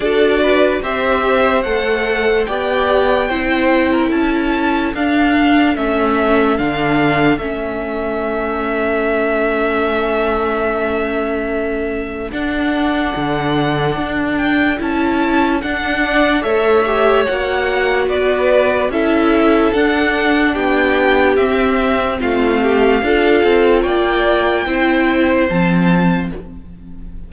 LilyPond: <<
  \new Staff \with { instrumentName = "violin" } { \time 4/4 \tempo 4 = 73 d''4 e''4 fis''4 g''4~ | g''4 a''4 f''4 e''4 | f''4 e''2.~ | e''2. fis''4~ |
fis''4. g''8 a''4 fis''4 | e''4 fis''4 d''4 e''4 | fis''4 g''4 e''4 f''4~ | f''4 g''2 a''4 | }
  \new Staff \with { instrumentName = "violin" } { \time 4/4 a'8 b'8 c''2 d''4 | c''8. ais'16 a'2.~ | a'1~ | a'1~ |
a'2.~ a'8 d''8 | cis''2 b'4 a'4~ | a'4 g'2 f'8 g'8 | a'4 d''4 c''2 | }
  \new Staff \with { instrumentName = "viola" } { \time 4/4 fis'4 g'4 a'4 g'4 | e'2 d'4 cis'4 | d'4 cis'2.~ | cis'2. d'4~ |
d'2 e'4 d'4 | a'8 g'8 fis'2 e'4 | d'2 c'2 | f'2 e'4 c'4 | }
  \new Staff \with { instrumentName = "cello" } { \time 4/4 d'4 c'4 a4 b4 | c'4 cis'4 d'4 a4 | d4 a2.~ | a2. d'4 |
d4 d'4 cis'4 d'4 | a4 ais4 b4 cis'4 | d'4 b4 c'4 a4 | d'8 c'8 ais4 c'4 f4 | }
>>